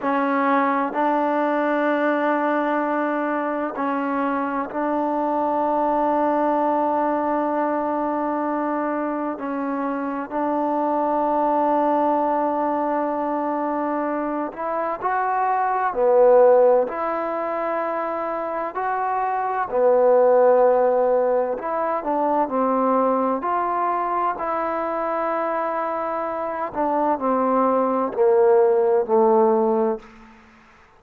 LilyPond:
\new Staff \with { instrumentName = "trombone" } { \time 4/4 \tempo 4 = 64 cis'4 d'2. | cis'4 d'2.~ | d'2 cis'4 d'4~ | d'2.~ d'8 e'8 |
fis'4 b4 e'2 | fis'4 b2 e'8 d'8 | c'4 f'4 e'2~ | e'8 d'8 c'4 ais4 a4 | }